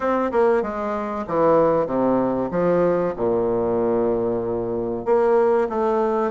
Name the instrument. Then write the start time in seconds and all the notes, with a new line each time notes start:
bassoon
0.00 C4
0.31 A#3
0.62 G#3
1.27 E3
1.86 C3
2.50 F3
3.16 A#2
5.05 A#3
5.69 A3